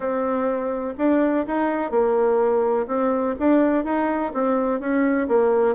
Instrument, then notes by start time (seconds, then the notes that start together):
bassoon
0.00 C4
0.97 D4
1.46 D#4
1.90 A#3
2.87 C4
3.39 D4
3.84 D#4
4.33 C4
4.79 C#4
5.28 A#3